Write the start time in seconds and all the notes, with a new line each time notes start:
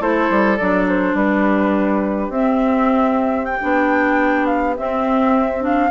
0.00 A3 E4 A4 C5
0.30 G3
0.56 F#3 D4 D5
0.88 C5
1.14 G3 G4 B4
2.29 C4 E5
3.45 G5
3.60 B3 D4
4.46 F5
4.76 C4 E5
5.60 D4 F5